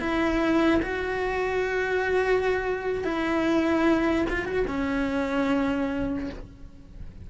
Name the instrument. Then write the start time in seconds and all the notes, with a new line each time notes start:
cello
0.00 E4
0.83 F#4
3.05 E4
4.30 F4
4.46 F#4
4.68 C#4